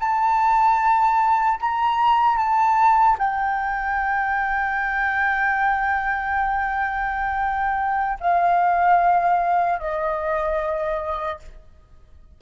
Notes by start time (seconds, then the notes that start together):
0.00 A5
1.60 A#5
2.37 A5
3.19 G5
8.20 F5
9.80 D#5